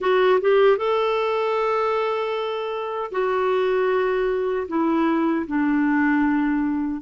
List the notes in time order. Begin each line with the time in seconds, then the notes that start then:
0.00 F#4
0.40 G4
0.77 A4
3.11 F#4
4.68 E4
5.46 D4